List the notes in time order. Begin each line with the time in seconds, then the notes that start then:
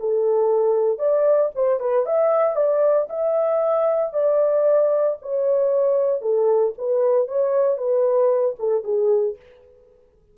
0.00 A4
0.99 D5
1.55 C5
1.80 B4
2.06 E5
2.56 D5
3.10 E5
4.13 D5
5.22 C#5
6.22 A4
6.78 B4
7.28 C#5
7.78 B4
8.59 A4
8.84 G#4